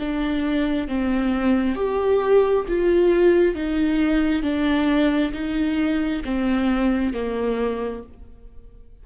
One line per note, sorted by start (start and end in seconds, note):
0.00 0.88 D4
0.88 1.76 C4
1.76 2.65 G4
2.69 3.55 F4
3.55 4.43 D#4
4.43 5.32 D4
5.34 6.23 D#4
6.25 7.14 C4
7.14 8.04 A#3